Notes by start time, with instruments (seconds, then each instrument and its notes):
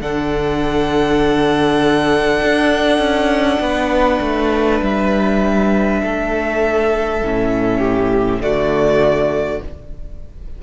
0.00 cello D3, viola D4, violin A4 F#5
2.42 cello D4
2.98 cello C#4
3.59 cello B3, violin B4
4.20 cello A3
4.82 cello G3, violin E5
6.03 cello A3, violin A4
7.22 cello A2, viola C#4
7.78 violin G4
8.39 cello D3, viola A3, violin F#4 D5